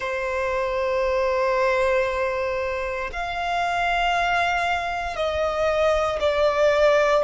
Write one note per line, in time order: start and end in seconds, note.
0.00 3.10 C5
3.12 5.15 F5
5.15 6.19 D#5
6.20 7.23 D5